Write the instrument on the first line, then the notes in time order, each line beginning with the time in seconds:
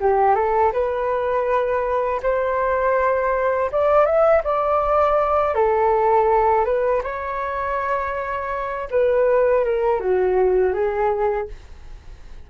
flute
0.00 G4
0.35 A4
0.72 B4
2.22 C5
3.72 D5
4.05 E5
4.43 D5
5.55 A4
6.65 B4
7.03 C#5
8.90 B4
9.64 A#4
10.00 F#4
10.73 G#4